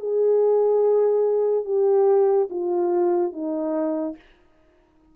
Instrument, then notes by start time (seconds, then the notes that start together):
horn
0.00 G#4
1.66 G4
2.50 F4
3.33 D#4